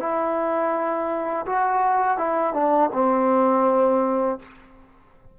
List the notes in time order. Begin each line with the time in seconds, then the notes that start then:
0.00 E4
1.47 F#4
2.18 E4
2.54 D4
2.93 C4